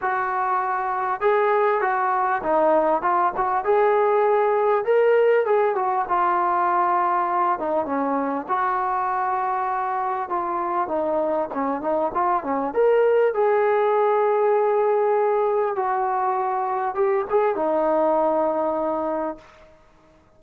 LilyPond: \new Staff \with { instrumentName = "trombone" } { \time 4/4 \tempo 4 = 99 fis'2 gis'4 fis'4 | dis'4 f'8 fis'8 gis'2 | ais'4 gis'8 fis'8 f'2~ | f'8 dis'8 cis'4 fis'2~ |
fis'4 f'4 dis'4 cis'8 dis'8 | f'8 cis'8 ais'4 gis'2~ | gis'2 fis'2 | g'8 gis'8 dis'2. | }